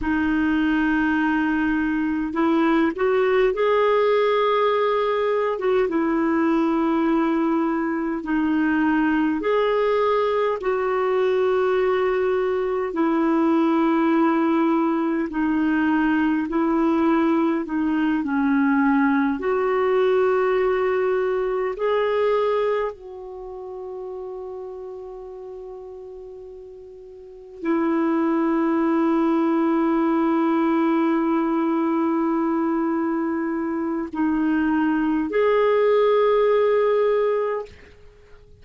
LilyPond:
\new Staff \with { instrumentName = "clarinet" } { \time 4/4 \tempo 4 = 51 dis'2 e'8 fis'8 gis'4~ | gis'8. fis'16 e'2 dis'4 | gis'4 fis'2 e'4~ | e'4 dis'4 e'4 dis'8 cis'8~ |
cis'8 fis'2 gis'4 fis'8~ | fis'2.~ fis'8 e'8~ | e'1~ | e'4 dis'4 gis'2 | }